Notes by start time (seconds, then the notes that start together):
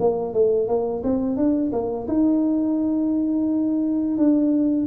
0.00 A#3
0.34 A3
0.68 A#3
1.03 C4
1.37 D4
1.73 A#3
2.08 D#4
4.17 D4